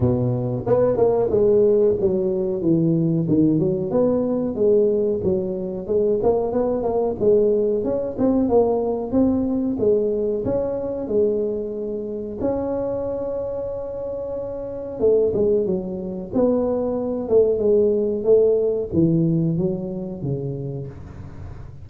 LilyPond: \new Staff \with { instrumentName = "tuba" } { \time 4/4 \tempo 4 = 92 b,4 b8 ais8 gis4 fis4 | e4 dis8 fis8 b4 gis4 | fis4 gis8 ais8 b8 ais8 gis4 | cis'8 c'8 ais4 c'4 gis4 |
cis'4 gis2 cis'4~ | cis'2. a8 gis8 | fis4 b4. a8 gis4 | a4 e4 fis4 cis4 | }